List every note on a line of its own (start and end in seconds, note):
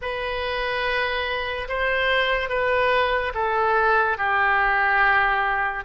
0.01 1.68 B4
1.68 2.49 C5
2.49 3.32 B4
3.34 4.17 A4
4.17 5.84 G4